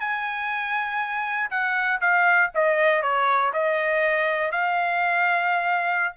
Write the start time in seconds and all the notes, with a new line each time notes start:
0.00 G#5
1.51 F#5
2.01 F5
2.55 D#5
3.02 C#5
3.53 D#5
4.52 F5